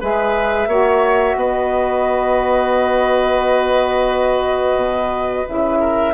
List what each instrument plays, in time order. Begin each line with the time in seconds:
0.00 bassoon G#3, saxophone G#4, oboe B4, flute E5
0.67 bassoon A#3, saxophone F#4, oboe C#5
1.35 bassoon B3, oboe B4, flute D#5
4.75 bassoon B2
5.45 bassoon C#3, saxophone E4, flute E5
5.80 oboe A#4